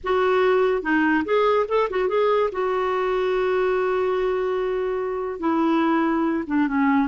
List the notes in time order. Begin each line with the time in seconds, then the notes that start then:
0.03 F#4
0.82 D#4
1.24 G#4
1.68 A4
1.89 F#4
2.08 G#4
2.52 F#4
5.39 E4
6.47 D4
6.67 C#4